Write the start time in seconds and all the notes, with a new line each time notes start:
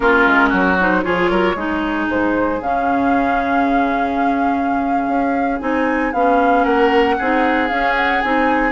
0.00 A#3 C#4 F4 A#4
0.26 G#3
0.49 F#3 F#4
0.79 D#4 C5
1.02 F3 F4 G#4 C#5
1.30 F#3 A#4
1.55 G#3 D#4 G#4
2.09 G#2 C5
2.61 C#3 C#4 F5
5.07 C#4
5.60 C4 D#4 G#5
6.12 B3 C#4 F5
6.62 A#3 A#4 F#5
7.18 C4 D#4 G#4
7.67 C#4 F5
7.95 F#5
8.21 C4 D#4 G#5